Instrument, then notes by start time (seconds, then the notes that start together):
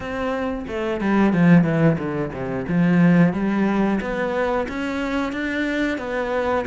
cello
0.00 C4
0.67 A3
1.00 G3
1.33 F3
1.64 E3
1.98 D3
2.32 C3
2.68 F3
3.33 G3
4.00 B3
4.68 C#4
5.32 D4
5.98 B3